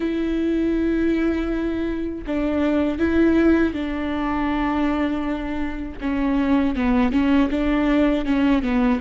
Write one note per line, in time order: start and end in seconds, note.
0.00 2.24 E4
2.26 2.99 D4
2.99 3.73 E4
3.73 5.98 D4
6.00 6.75 C#4
6.75 7.11 B3
7.11 7.49 C#4
7.50 8.25 D4
8.25 8.62 C#4
8.62 9.00 B3